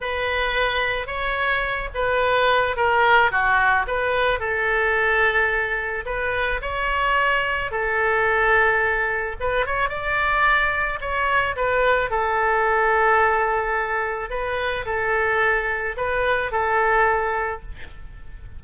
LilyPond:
\new Staff \with { instrumentName = "oboe" } { \time 4/4 \tempo 4 = 109 b'2 cis''4. b'8~ | b'4 ais'4 fis'4 b'4 | a'2. b'4 | cis''2 a'2~ |
a'4 b'8 cis''8 d''2 | cis''4 b'4 a'2~ | a'2 b'4 a'4~ | a'4 b'4 a'2 | }